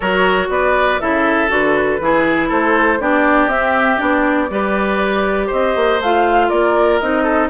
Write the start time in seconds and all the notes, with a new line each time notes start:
0.00 F#3 F#4 A#4 C#5
0.49 B3 B4 D5
0.99 C#3 E4 A4 E5
1.48 D3 F#4 B4
2.00 E3 E4 G#4
2.48 A3 A4 C5
2.99 B3 D4 G4 D5
3.47 C4 E5
3.53 C4
3.97 B3 D4 D5
4.49 G3 G4 B4
5.46 C4 C5 D#5
5.75 A#3
6.00 A3 F4 F5
6.49 A#3 A#4 D5
6.99 C4 D#4 D#5
7.23 A4